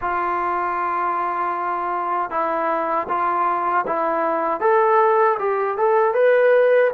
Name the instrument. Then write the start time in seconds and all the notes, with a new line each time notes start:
trombone
0.01 F4
2.30 E4
3.08 F4
3.86 E4
4.60 A4
5.39 G4
5.77 A4
6.14 B4